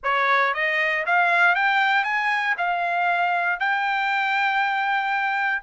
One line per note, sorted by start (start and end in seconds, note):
0.03 0.53 C#5
0.53 1.05 D#5
1.05 1.55 F5
1.55 2.04 G5
2.04 2.55 G#5
2.57 3.59 F5
3.59 5.62 G5